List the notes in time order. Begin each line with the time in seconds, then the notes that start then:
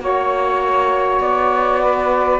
0.00 A#3 F#4 C#5
1.20 B3 D5
1.81 B4